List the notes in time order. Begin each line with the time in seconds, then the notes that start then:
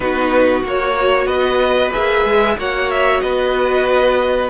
0.00 B3 D#4 F#4 B4
0.63 A#3 F#4 C#5
1.25 B3 B4 D#5
1.92 A#3 G#4 E5
2.25 G#3
2.57 A#3 F#4 C#5 F#5
2.90 E5
3.20 B3 B4 D#5